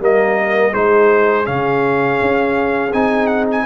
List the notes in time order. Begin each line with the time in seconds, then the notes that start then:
0.00 G3 A#3 A#4 D#5
0.70 G#3 D#4 G#4 C5
1.45 C#3 C#4 F5
2.21 C#4
2.93 C4 D#4 G#5
3.27 F#5
3.51 G#5